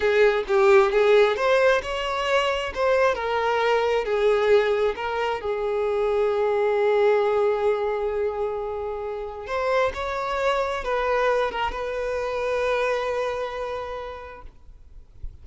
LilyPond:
\new Staff \with { instrumentName = "violin" } { \time 4/4 \tempo 4 = 133 gis'4 g'4 gis'4 c''4 | cis''2 c''4 ais'4~ | ais'4 gis'2 ais'4 | gis'1~ |
gis'1~ | gis'4 c''4 cis''2 | b'4. ais'8 b'2~ | b'1 | }